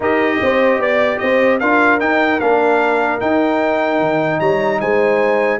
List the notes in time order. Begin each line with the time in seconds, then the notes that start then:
0.00 D#4 G4 A#4 D#5
0.42 C4 C5
0.78 B3 D5
1.18 C4 C5 D#5
1.59 D4 F4 A#4 F5
1.99 D#4 G5
2.40 A#3 D4 F5
3.19 D#4 G5
3.99 D#3
4.40 G3 C#5 A#5
4.80 G#3 C5 G#5